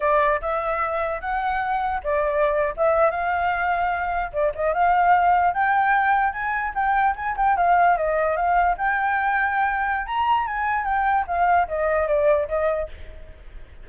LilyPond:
\new Staff \with { instrumentName = "flute" } { \time 4/4 \tempo 4 = 149 d''4 e''2 fis''4~ | fis''4 d''4.~ d''16 e''4 f''16~ | f''2~ f''8. d''8 dis''8 f''16~ | f''4.~ f''16 g''2 gis''16~ |
gis''8. g''4 gis''8 g''8 f''4 dis''16~ | dis''8. f''4 g''2~ g''16~ | g''4 ais''4 gis''4 g''4 | f''4 dis''4 d''4 dis''4 | }